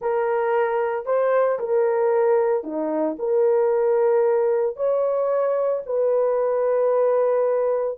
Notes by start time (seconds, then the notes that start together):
0.01 A#4
1.05 C5
1.59 A#4
2.63 D#4
3.18 A#4
4.76 C#5
5.86 B4